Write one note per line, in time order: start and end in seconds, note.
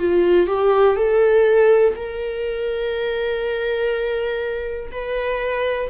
0.00 0.47 F4
0.47 0.96 G4
0.96 1.94 A4
1.96 4.91 A#4
4.92 5.90 B4